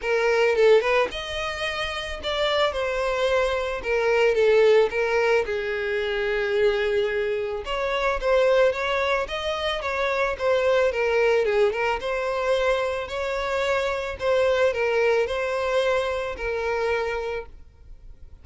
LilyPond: \new Staff \with { instrumentName = "violin" } { \time 4/4 \tempo 4 = 110 ais'4 a'8 b'8 dis''2 | d''4 c''2 ais'4 | a'4 ais'4 gis'2~ | gis'2 cis''4 c''4 |
cis''4 dis''4 cis''4 c''4 | ais'4 gis'8 ais'8 c''2 | cis''2 c''4 ais'4 | c''2 ais'2 | }